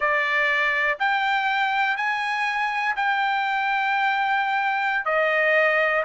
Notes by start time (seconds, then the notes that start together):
0.00 D5
0.99 G5
1.96 G#5
2.96 G5
5.05 D#5